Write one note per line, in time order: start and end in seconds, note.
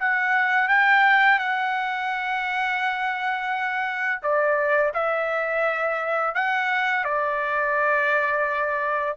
0.00 0.69 F#5
0.69 1.39 G5
1.39 4.22 F#5
4.23 4.93 D5
4.95 6.35 E5
6.35 7.05 F#5
7.05 9.17 D5